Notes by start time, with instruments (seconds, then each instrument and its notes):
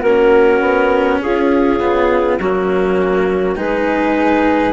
0.00 bassoon A#3, cello C#4, flute F#4, clarinet A#4
0.60 bassoon B3
1.21 bassoon C#4, flute F4, clarinet G#4
1.79 bassoon C#3, cello B3
2.39 bassoon F#3, cello A#3, flute C#4, clarinet F#4
3.55 bassoon G#3, cello D#4, flute G#4, clarinet B4